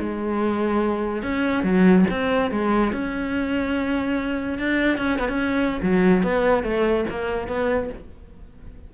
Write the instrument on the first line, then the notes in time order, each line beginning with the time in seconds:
cello
0.00 G#3
1.23 C#4
1.64 F#3
2.11 C4
2.52 G#3
2.93 C#4
4.59 D4
4.98 C#4
5.19 B3
5.29 C#4
5.83 F#3
6.23 B3
6.64 A3
7.10 A#3
7.48 B3